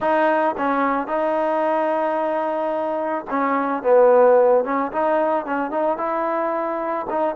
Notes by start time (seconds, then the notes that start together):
0.00 D#4
0.57 C#4
1.07 D#4
3.30 C#4
3.83 B3
4.64 C#4
4.92 D#4
5.45 C#4
5.70 D#4
5.97 E4
7.09 D#4